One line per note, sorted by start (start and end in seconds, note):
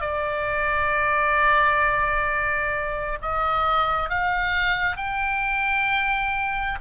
0.00 3.18 D5
3.21 4.09 D#5
4.09 4.96 F5
4.96 6.78 G5